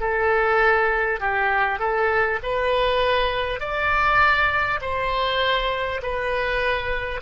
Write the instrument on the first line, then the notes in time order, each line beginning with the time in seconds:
oboe
0.00 A4
1.21 G4
1.79 A4
2.43 B4
3.60 D5
4.81 C5
6.03 B4